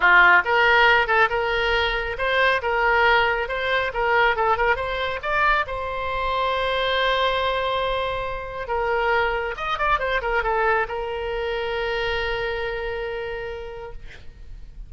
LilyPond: \new Staff \with { instrumentName = "oboe" } { \time 4/4 \tempo 4 = 138 f'4 ais'4. a'8 ais'4~ | ais'4 c''4 ais'2 | c''4 ais'4 a'8 ais'8 c''4 | d''4 c''2.~ |
c''1 | ais'2 dis''8 d''8 c''8 ais'8 | a'4 ais'2.~ | ais'1 | }